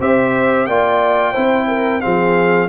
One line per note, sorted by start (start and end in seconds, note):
0.00 0.67 C4
0.00 0.68 G4
0.00 0.67 C5
0.00 0.66 E5
0.66 1.34 A#3
0.66 1.35 F4
0.66 1.32 D5
0.66 2.01 G5
1.32 2.04 C4
1.32 2.01 E4
1.32 1.66 C5
1.68 2.02 A#4
2.01 2.68 F3
2.01 2.68 C4
2.01 2.68 G#4
2.01 2.68 F5